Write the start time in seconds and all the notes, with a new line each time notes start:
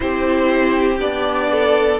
0.00 C4 E4 G4 C5
0.99 B3 D4 D5
1.51 A4